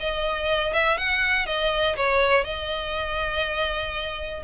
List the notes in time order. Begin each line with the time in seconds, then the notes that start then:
0.00 D#5
0.73 E5
0.98 F#5
1.46 D#5
1.96 C#5
2.45 D#5